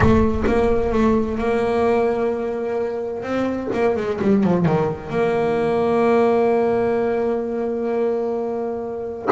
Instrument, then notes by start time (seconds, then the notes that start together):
double bass
0.00 A3
0.47 A#3
0.92 A3
1.37 A#3
3.22 C4
3.73 A#3
3.96 G#3
4.21 G3
4.43 F3
4.65 D#3
5.10 A#3